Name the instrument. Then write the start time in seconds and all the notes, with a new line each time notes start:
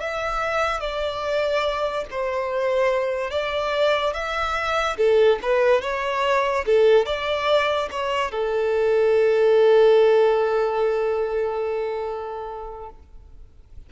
violin
0.00 E5
0.81 D5
2.11 C5
3.31 D5
4.14 E5
4.98 A4
5.42 B4
5.82 C#5
6.66 A4
7.06 D5
7.91 C#5
8.32 A4